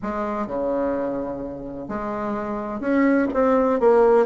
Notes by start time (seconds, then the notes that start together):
0.02 G#3
0.46 C#3
1.88 G#3
2.80 C#4
3.33 C4
3.80 A#3